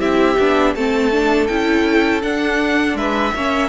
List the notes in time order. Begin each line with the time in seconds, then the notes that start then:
0.00 C4 E4 G4 E5
0.39 B3 D4
0.75 A3 C4 A4 A5
1.12 D4
1.47 C#4 E4 G5
2.23 D4 F#5
2.94 G#3 B4 E5
3.35 A#3 C#4 C#5